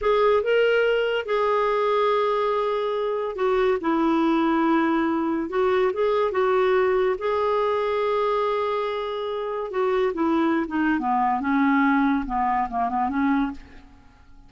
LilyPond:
\new Staff \with { instrumentName = "clarinet" } { \time 4/4 \tempo 4 = 142 gis'4 ais'2 gis'4~ | gis'1 | fis'4 e'2.~ | e'4 fis'4 gis'4 fis'4~ |
fis'4 gis'2.~ | gis'2. fis'4 | e'4~ e'16 dis'8. b4 cis'4~ | cis'4 b4 ais8 b8 cis'4 | }